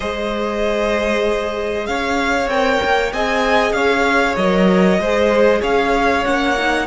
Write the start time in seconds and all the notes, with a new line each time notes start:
0.00 G#3 G#4 C5 D#5
1.86 C#4 C#5 F5
2.47 C4 A#4 G5
2.85 A#3
3.12 C4 G#4 D#5 G#5
3.72 C#4 C#5 F5
4.36 F#3 A#4 D#5
4.99 G#3 G#4 C5
5.61 C#4 C#5 F5
6.24 A#3 C#4 F#5
6.58 D#4